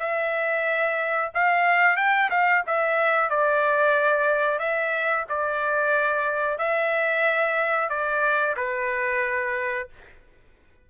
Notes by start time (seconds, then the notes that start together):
0.00 E5
1.35 F5
1.97 G5
2.30 F5
2.67 E5
3.30 D5
4.59 E5
5.29 D5
6.58 E5
7.90 D5
8.57 B4